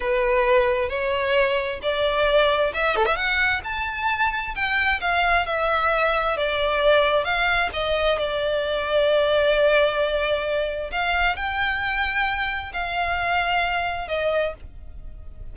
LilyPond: \new Staff \with { instrumentName = "violin" } { \time 4/4 \tempo 4 = 132 b'2 cis''2 | d''2 e''8 a'16 e''16 fis''4 | a''2 g''4 f''4 | e''2 d''2 |
f''4 dis''4 d''2~ | d''1 | f''4 g''2. | f''2. dis''4 | }